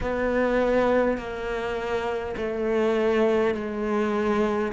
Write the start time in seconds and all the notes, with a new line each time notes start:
0.00 B3
1.17 A#3
2.36 A3
3.54 G#3